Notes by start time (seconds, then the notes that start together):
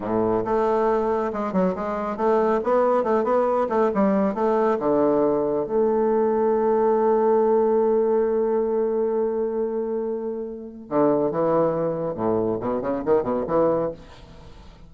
0.00 A2
0.44 A3
1.33 G#3
1.53 F#3
1.75 G#3
2.17 A3
2.63 B3
3.03 A3
3.24 B3
3.69 A3
3.94 G3
4.34 A3
4.79 D3
5.66 A3
10.89 D3
11.31 E3
12.15 A2
12.60 B2
12.81 C#3
13.05 D#3
13.22 B2
13.47 E3